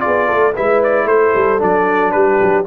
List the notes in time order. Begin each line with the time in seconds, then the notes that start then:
0.00 F4 G#4 D5
0.07 B3
0.28 A3 A4
0.54 G#3 E4 B4 E5
0.84 D5
1.05 A3 A4 C5
1.35 G3
1.59 F#3 D4 D5
2.12 G3 G4 B4
2.42 F#3